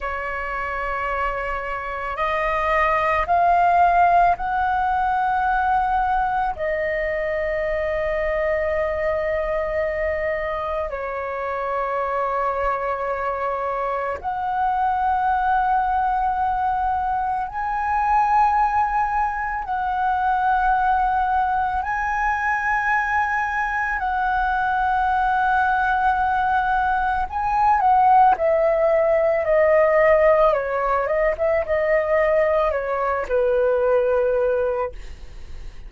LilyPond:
\new Staff \with { instrumentName = "flute" } { \time 4/4 \tempo 4 = 55 cis''2 dis''4 f''4 | fis''2 dis''2~ | dis''2 cis''2~ | cis''4 fis''2. |
gis''2 fis''2 | gis''2 fis''2~ | fis''4 gis''8 fis''8 e''4 dis''4 | cis''8 dis''16 e''16 dis''4 cis''8 b'4. | }